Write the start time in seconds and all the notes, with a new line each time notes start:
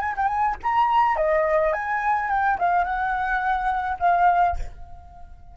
0.00 G#5
0.16 G5
0.27 G#5
0.63 A#5
1.16 D#5
1.73 G#5
2.29 G5
2.58 F5
2.84 F#5
3.99 F5